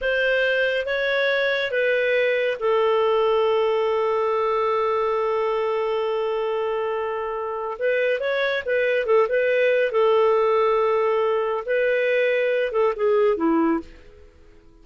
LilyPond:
\new Staff \with { instrumentName = "clarinet" } { \time 4/4 \tempo 4 = 139 c''2 cis''2 | b'2 a'2~ | a'1~ | a'1~ |
a'2 b'4 cis''4 | b'4 a'8 b'4. a'4~ | a'2. b'4~ | b'4. a'8 gis'4 e'4 | }